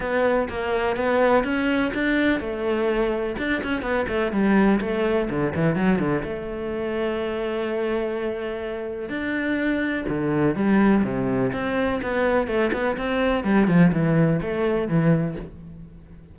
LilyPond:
\new Staff \with { instrumentName = "cello" } { \time 4/4 \tempo 4 = 125 b4 ais4 b4 cis'4 | d'4 a2 d'8 cis'8 | b8 a8 g4 a4 d8 e8 | fis8 d8 a2.~ |
a2. d'4~ | d'4 d4 g4 c4 | c'4 b4 a8 b8 c'4 | g8 f8 e4 a4 e4 | }